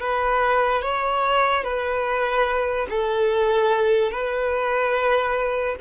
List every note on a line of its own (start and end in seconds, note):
0.00 0.82 B4
0.82 1.64 C#5
1.64 2.87 B4
2.90 4.11 A4
4.11 5.76 B4